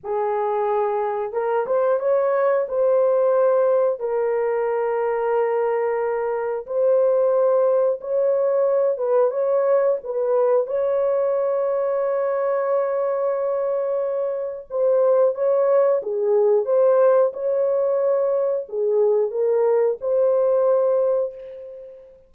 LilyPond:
\new Staff \with { instrumentName = "horn" } { \time 4/4 \tempo 4 = 90 gis'2 ais'8 c''8 cis''4 | c''2 ais'2~ | ais'2 c''2 | cis''4. b'8 cis''4 b'4 |
cis''1~ | cis''2 c''4 cis''4 | gis'4 c''4 cis''2 | gis'4 ais'4 c''2 | }